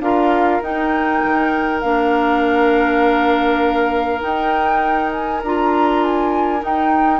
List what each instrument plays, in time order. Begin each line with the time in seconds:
0.00 bassoon D4, clarinet F4, oboe A#4, flute F5
0.61 bassoon D#4, clarinet D#4, flute G5
1.24 bassoon D#3
1.80 bassoon A#3, clarinet D4, flute F5
4.20 clarinet D#4, bassoon D#4, flute G5
5.11 flute G#5
5.43 bassoon D4, clarinet F4, flute A#5
6.03 flute G#5
6.60 clarinet D#4, bassoon D#4, flute G5